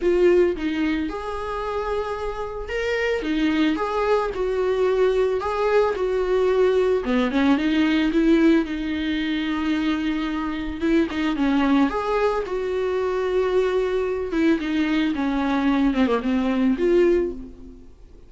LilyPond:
\new Staff \with { instrumentName = "viola" } { \time 4/4 \tempo 4 = 111 f'4 dis'4 gis'2~ | gis'4 ais'4 dis'4 gis'4 | fis'2 gis'4 fis'4~ | fis'4 b8 cis'8 dis'4 e'4 |
dis'1 | e'8 dis'8 cis'4 gis'4 fis'4~ | fis'2~ fis'8 e'8 dis'4 | cis'4. c'16 ais16 c'4 f'4 | }